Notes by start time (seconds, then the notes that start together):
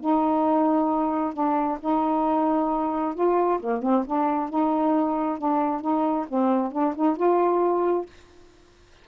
0.00 D#4
1.33 D4
1.80 D#4
3.14 F4
3.60 A#3
3.82 C4
4.06 D4
4.49 D#4
5.38 D4
5.81 D#4
6.28 C4
6.71 D4
6.95 D#4
7.16 F4